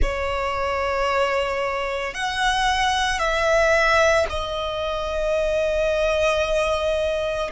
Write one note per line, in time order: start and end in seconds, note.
0.01 2.14 C#5
2.14 3.19 F#5
3.19 4.26 E5
4.29 7.50 D#5